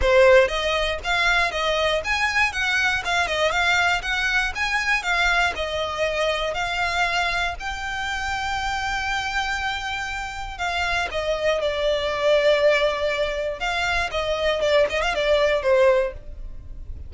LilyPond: \new Staff \with { instrumentName = "violin" } { \time 4/4 \tempo 4 = 119 c''4 dis''4 f''4 dis''4 | gis''4 fis''4 f''8 dis''8 f''4 | fis''4 gis''4 f''4 dis''4~ | dis''4 f''2 g''4~ |
g''1~ | g''4 f''4 dis''4 d''4~ | d''2. f''4 | dis''4 d''8 dis''16 f''16 d''4 c''4 | }